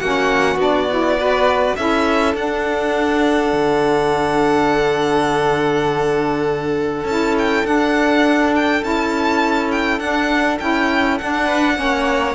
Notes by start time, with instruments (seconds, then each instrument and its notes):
0.00 cello A#3, saxophone C#4, violin F#4 F#5
0.56 cello B3, saxophone D4, violin D5
0.90 saxophone E4
1.19 saxophone F#4, violin B4
1.76 cello C#4, saxophone E4, violin A4 E5
2.35 cello D4, saxophone D4, violin F#5
3.53 cello D3
7.05 cello C#4, saxophone E4, violin A5
7.39 violin G5
7.65 saxophone D4, cello D4, violin F#5
8.56 violin G5
8.82 cello C#4, saxophone E4, violin A5
9.72 violin G5
10.00 cello D4, saxophone D4, violin F#5
10.60 cello C#4, saxophone E4, violin G5
11.19 saxophone D4, cello D4, violin F#5
11.46 violin B4
11.75 cello A#3, saxophone C#4, violin C#5